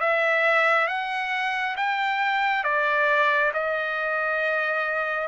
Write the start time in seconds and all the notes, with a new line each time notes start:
0.00 E5
0.87 F#5
1.76 G5
2.64 D5
3.53 D#5